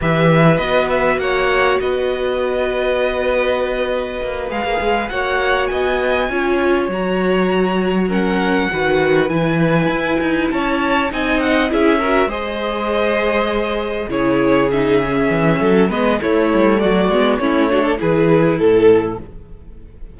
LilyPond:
<<
  \new Staff \with { instrumentName = "violin" } { \time 4/4 \tempo 4 = 100 e''4 dis''8 e''8 fis''4 dis''4~ | dis''2.~ dis''8 f''8~ | f''8 fis''4 gis''2 ais''8~ | ais''4. fis''2 gis''8~ |
gis''4. a''4 gis''8 fis''8 e''8~ | e''8 dis''2. cis''8~ | cis''8 e''2 dis''8 cis''4 | d''4 cis''4 b'4 a'4 | }
  \new Staff \with { instrumentName = "violin" } { \time 4/4 b'2 cis''4 b'4~ | b'1~ | b'8 cis''4 dis''4 cis''4.~ | cis''4. ais'4 b'4.~ |
b'4. cis''4 dis''4 gis'8 | ais'8 c''2. gis'8~ | gis'2 a'8 b'8 e'4 | fis'4 e'8 fis'16 a'16 gis'4 a'4 | }
  \new Staff \with { instrumentName = "viola" } { \time 4/4 g'4 fis'2.~ | fis'2.~ fis'8 gis'8~ | gis'8 fis'2 f'4 fis'8~ | fis'4. cis'4 fis'4 e'8~ |
e'2~ e'8 dis'4 e'8 | fis'8 gis'2. e'8~ | e'8 dis'8 cis'4. b8 a4~ | a8 b8 cis'8 d'8 e'2 | }
  \new Staff \with { instrumentName = "cello" } { \time 4/4 e4 b4 ais4 b4~ | b2. ais8 gis16 ais16 | gis8 ais4 b4 cis'4 fis8~ | fis2~ fis8 dis4 e8~ |
e8 e'8 dis'8 cis'4 c'4 cis'8~ | cis'8 gis2. cis8~ | cis4. e8 fis8 gis8 a8 g8 | fis8 gis8 a4 e4 a,4 | }
>>